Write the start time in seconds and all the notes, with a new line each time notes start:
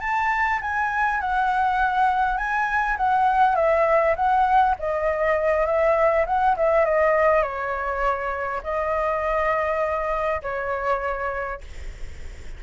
0.00 A5
0.61 G#5
1.20 F#5
2.37 G#5
2.97 F#5
3.55 E5
4.16 F#5
4.78 D#5
5.66 E5
6.26 F#5
6.56 E5
6.85 D#5
7.42 C#5
8.63 D#5
10.42 C#5